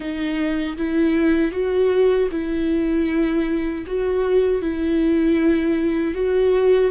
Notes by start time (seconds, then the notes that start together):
0.00 D#4
0.77 E4
1.51 F#4
2.31 E4
3.86 F#4
4.61 E4
6.14 F#4